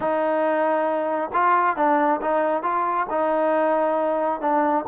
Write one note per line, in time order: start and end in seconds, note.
0.00 1.31 D#4
1.33 1.76 F4
1.76 2.20 D4
2.21 2.62 D#4
2.62 3.06 F4
3.10 4.40 D#4
4.40 4.84 D4